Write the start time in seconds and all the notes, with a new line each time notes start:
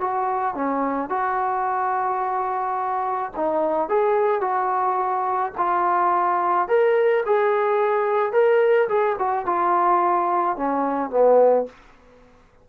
0.00 F#4
0.55 C#4
1.10 F#4
3.36 D#4
3.89 G#4
4.41 F#4
5.58 F4
6.68 A#4
7.26 G#4
8.32 A#4
8.88 G#4
9.18 F#4
9.46 F4
10.56 C#4
11.10 B3